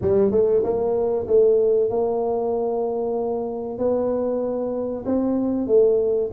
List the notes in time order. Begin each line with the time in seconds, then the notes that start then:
0.01 G3
0.31 A3
0.63 A#3
1.27 A3
1.90 A#3
3.78 B3
5.05 C4
5.67 A3